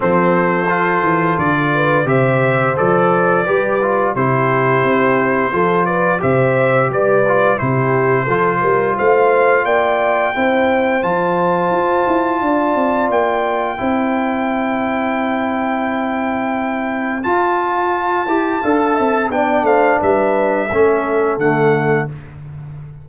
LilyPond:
<<
  \new Staff \with { instrumentName = "trumpet" } { \time 4/4 \tempo 4 = 87 c''2 d''4 e''4 | d''2 c''2~ | c''8 d''8 e''4 d''4 c''4~ | c''4 f''4 g''2 |
a''2. g''4~ | g''1~ | g''4 a''2. | g''8 f''8 e''2 fis''4 | }
  \new Staff \with { instrumentName = "horn" } { \time 4/4 a'2~ a'8 b'8 c''4~ | c''4 b'4 g'2 | a'8 b'8 c''4 b'4 g'4 | a'8 ais'8 c''4 d''4 c''4~ |
c''2 d''2 | c''1~ | c''2. f''8 e''8 | d''8 c''8 b'4 a'2 | }
  \new Staff \with { instrumentName = "trombone" } { \time 4/4 c'4 f'2 g'4 | a'4 g'8 f'8 e'2 | f'4 g'4. f'8 e'4 | f'2. e'4 |
f'1 | e'1~ | e'4 f'4. g'8 a'4 | d'2 cis'4 a4 | }
  \new Staff \with { instrumentName = "tuba" } { \time 4/4 f4. e8 d4 c4 | f4 g4 c4 c'4 | f4 c4 g4 c4 | f8 g8 a4 ais4 c'4 |
f4 f'8 e'8 d'8 c'8 ais4 | c'1~ | c'4 f'4. e'8 d'8 c'8 | b8 a8 g4 a4 d4 | }
>>